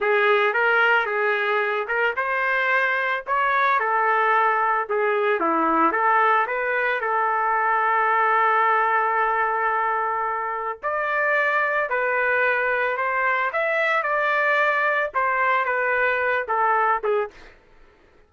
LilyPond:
\new Staff \with { instrumentName = "trumpet" } { \time 4/4 \tempo 4 = 111 gis'4 ais'4 gis'4. ais'8 | c''2 cis''4 a'4~ | a'4 gis'4 e'4 a'4 | b'4 a'2.~ |
a'1 | d''2 b'2 | c''4 e''4 d''2 | c''4 b'4. a'4 gis'8 | }